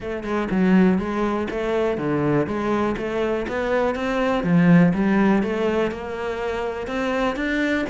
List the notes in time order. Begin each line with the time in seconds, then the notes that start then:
0.00 A3
0.23 G#3
0.51 F#3
0.98 G#3
1.50 A3
1.97 D3
2.46 G#3
2.97 A3
3.48 B3
3.95 C4
4.43 F3
4.94 G3
5.42 A3
5.91 A#3
6.87 C4
7.36 D4